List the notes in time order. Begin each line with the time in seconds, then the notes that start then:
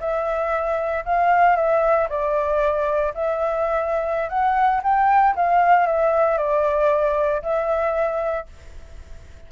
0.00 E5
1.05 F5
1.56 E5
2.09 D5
3.14 E5
4.29 F#5
4.83 G5
5.36 F5
5.87 E5
6.38 D5
7.42 E5